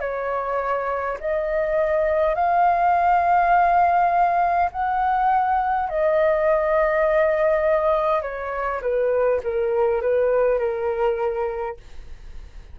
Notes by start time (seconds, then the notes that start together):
0.00 C#5
1.20 D#5
2.35 F5
4.72 F#5
5.89 D#5
8.22 C#5
8.82 B4
9.43 A#4
10.02 B4
10.59 A#4